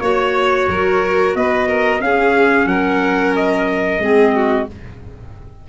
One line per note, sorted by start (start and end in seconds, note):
0.00 0.68 A#3
0.00 2.01 F#4
0.00 1.33 C#5
0.00 0.69 C#5
0.68 1.35 F#3
0.68 1.37 A#4
1.35 2.00 B3
1.35 1.68 B4
1.35 2.02 D#5
1.68 2.02 A#4
2.00 2.66 C#4
2.00 4.01 C#4
2.00 2.68 G#4
2.00 2.67 F5
2.66 3.99 F#3
2.66 4.01 A#4
2.66 3.34 F#5
3.36 4.69 D#5
3.99 4.66 G#3
3.99 4.67 C4
3.99 4.35 G#4
4.35 4.68 F#4